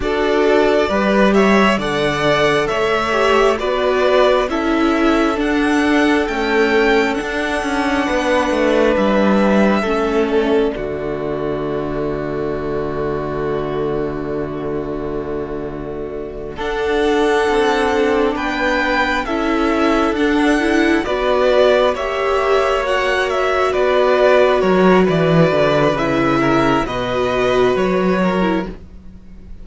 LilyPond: <<
  \new Staff \with { instrumentName = "violin" } { \time 4/4 \tempo 4 = 67 d''4. e''8 fis''4 e''4 | d''4 e''4 fis''4 g''4 | fis''2 e''4. d''8~ | d''1~ |
d''2~ d''8 fis''4.~ | fis''8 g''4 e''4 fis''4 d''8~ | d''8 e''4 fis''8 e''8 d''4 cis''8 | d''4 e''4 dis''4 cis''4 | }
  \new Staff \with { instrumentName = "violin" } { \time 4/4 a'4 b'8 cis''8 d''4 cis''4 | b'4 a'2.~ | a'4 b'2 a'4 | fis'1~ |
fis'2~ fis'8 a'4.~ | a'8 b'4 a'2 b'8~ | b'8 cis''2 b'4 ais'8 | b'4. ais'8 b'4. ais'8 | }
  \new Staff \with { instrumentName = "viola" } { \time 4/4 fis'4 g'4 a'4. g'8 | fis'4 e'4 d'4 a4 | d'2. cis'4 | a1~ |
a2~ a8 d'4.~ | d'4. e'4 d'8 e'8 fis'8~ | fis'8 g'4 fis'2~ fis'8~ | fis'4 e'4 fis'4.~ fis'16 e'16 | }
  \new Staff \with { instrumentName = "cello" } { \time 4/4 d'4 g4 d4 a4 | b4 cis'4 d'4 cis'4 | d'8 cis'8 b8 a8 g4 a4 | d1~ |
d2~ d8 d'4 c'8~ | c'8 b4 cis'4 d'4 b8~ | b8 ais2 b4 fis8 | e8 d8 cis4 b,4 fis4 | }
>>